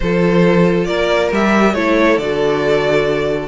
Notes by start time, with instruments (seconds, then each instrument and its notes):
0.00 cello F3, viola F4, violin A4 C5
0.85 cello A#3, violin A#4 D5
1.31 cello G3, viola G4, violin E5
1.74 cello A3, viola E4, violin A4 C#5
2.17 cello D3, viola F#4, violin D5